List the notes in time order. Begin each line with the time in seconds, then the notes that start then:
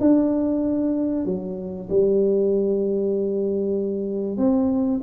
0.00 D4
1.25 F#3
1.89 G3
4.37 C4